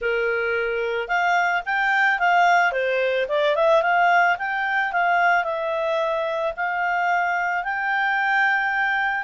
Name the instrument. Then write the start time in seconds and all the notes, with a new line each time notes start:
clarinet
0.01 A#4
1.08 F5
1.65 G5
2.19 F5
2.71 C5
3.28 D5
3.55 E5
3.82 F5
4.38 G5
4.92 F5
5.44 E5
6.56 F5
7.63 G5